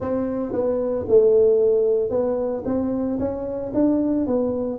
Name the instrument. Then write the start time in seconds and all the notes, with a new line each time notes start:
tuba
0.00 C4
0.52 B3
1.08 A3
2.10 B3
2.65 C4
3.19 C#4
3.74 D4
4.26 B3